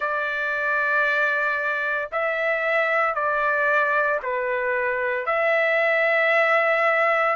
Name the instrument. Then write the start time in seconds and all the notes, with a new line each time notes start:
trumpet
0.00 D5
2.11 E5
3.14 D5
4.22 B4
5.25 E5